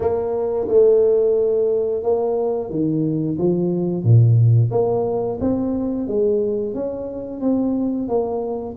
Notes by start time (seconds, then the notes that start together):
0.00 A#3
0.68 A3
2.03 A#3
2.70 D#3
3.38 F3
4.03 A#2
4.71 A#3
5.40 C4
6.07 G#3
6.74 C#4
7.40 C4
8.08 A#3